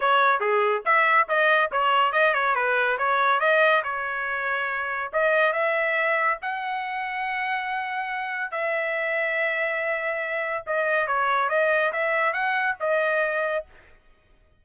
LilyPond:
\new Staff \with { instrumentName = "trumpet" } { \time 4/4 \tempo 4 = 141 cis''4 gis'4 e''4 dis''4 | cis''4 dis''8 cis''8 b'4 cis''4 | dis''4 cis''2. | dis''4 e''2 fis''4~ |
fis''1 | e''1~ | e''4 dis''4 cis''4 dis''4 | e''4 fis''4 dis''2 | }